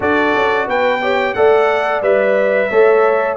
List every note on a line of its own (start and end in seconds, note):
0.00 0.34 D4
0.00 1.01 F#4
0.00 0.67 A4
0.00 0.69 D5
0.34 0.67 C#4
0.67 1.35 B3
0.67 1.01 B4
0.67 1.33 G5
1.01 1.35 G4
1.01 1.35 C#5
1.33 2.01 A3
1.33 2.03 A4
1.33 2.69 D5
1.33 2.01 F#5
2.01 2.69 G3
2.01 2.70 B4
2.01 3.37 E5
2.69 3.37 A3
2.69 3.37 A4
2.69 3.37 C#5